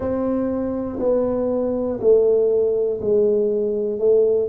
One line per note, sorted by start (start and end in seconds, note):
0.00 0.99 C4
1.00 2.00 B3
2.00 3.00 A3
3.00 3.99 G#3
3.99 4.48 A3